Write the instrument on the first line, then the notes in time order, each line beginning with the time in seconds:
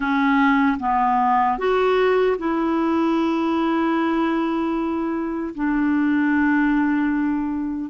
clarinet
0.00 C#4
0.79 B3
1.58 F#4
2.38 E4
5.54 D4